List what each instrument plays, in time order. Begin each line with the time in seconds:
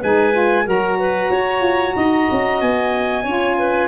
0.00 tuba G#3, saxophone D#4, clarinet B4, trumpet G#5
0.32 saxophone F4
0.64 tuba F#3, saxophone F#4, clarinet A#4, trumpet A#5
0.99 clarinet B4
1.30 tuba F#4, clarinet C#5
1.61 tuba F4
1.96 tuba D#4, clarinet D#5
2.31 tuba C#4
2.61 tuba B3, trumpet G#5
3.23 tuba C#4, saxophone F4, clarinet C#5
3.58 clarinet B4